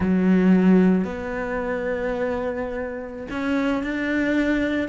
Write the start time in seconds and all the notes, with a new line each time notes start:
0.00 F#3
1.04 B3
3.30 C#4
3.83 D4